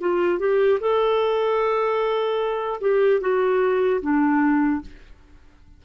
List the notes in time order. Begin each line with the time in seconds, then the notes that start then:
0.00 F4
0.39 G4
0.80 A4
2.81 G4
3.21 F#4
4.01 D4